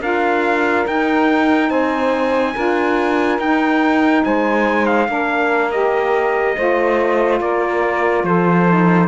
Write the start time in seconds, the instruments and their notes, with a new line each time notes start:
0.00 cello D4, saxophone F4 A#4, trumpet F5
0.86 saxophone D#4, cello D#4, trumpet G5
1.69 cello C4, saxophone C5, trumpet G#5
2.53 cello D4, saxophone F4 A#4
3.38 cello D#4, saxophone D#4, trumpet G5
4.24 cello G#3, saxophone C5, trumpet G#5
4.86 trumpet F5
5.07 cello A#3, saxophone D4 A#4
5.71 saxophone G4, trumpet D#5
6.56 cello A3, saxophone F4 C5
7.40 cello A#3, saxophone A#4, trumpet D5
8.23 cello F3, saxophone A4, trumpet C5
8.68 saxophone D#4